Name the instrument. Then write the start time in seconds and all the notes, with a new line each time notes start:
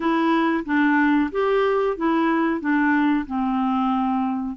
clarinet
0.00 E4
0.65 D4
1.31 G4
1.97 E4
2.60 D4
3.26 C4